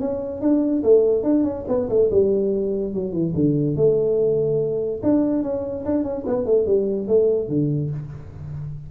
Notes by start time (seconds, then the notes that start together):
0.00 C#4
0.41 D4
0.83 A3
1.23 D4
1.44 C#4
1.68 B3
1.89 A3
2.11 G3
2.94 F#3
3.12 E3
3.34 D3
3.76 A3
5.03 D4
5.43 C#4
5.85 D4
6.04 C#4
6.26 B3
6.45 A3
6.66 G3
7.08 A3
7.48 D3